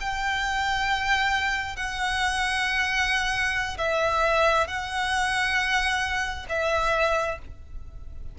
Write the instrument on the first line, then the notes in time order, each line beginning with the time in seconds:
violin
0.00 G5
1.76 F#5
3.78 E5
4.67 F#5
6.49 E5